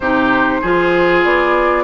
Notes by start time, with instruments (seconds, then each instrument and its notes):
0.00 bassoon C3, clarinet D#4, oboe G4, flute C5
0.61 bassoon F3, clarinet F4, oboe G#4
1.24 bassoon B3, flute D5